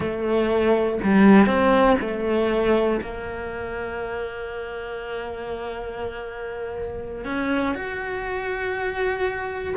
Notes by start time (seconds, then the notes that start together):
0.00 A3
1.03 G3
1.46 C4
2.00 A3
3.01 A#3
7.25 C#4
7.75 F#4